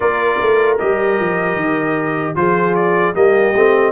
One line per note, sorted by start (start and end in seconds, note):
0.00 0.40 A#3
0.00 0.77 F4
0.00 2.34 A#4
0.00 0.78 D5
0.40 0.80 A3
0.78 1.19 G3
0.78 2.35 G4
0.78 2.35 D#5
1.19 1.55 F3
1.55 2.34 D#3
2.35 3.14 F3
2.35 3.14 F4
2.35 3.14 G#4
2.35 2.75 C5
2.75 3.14 D5
3.14 3.54 G3
3.14 3.53 A#3
3.14 3.92 G4
3.14 3.92 D#5
3.55 3.92 A3
3.55 3.92 C4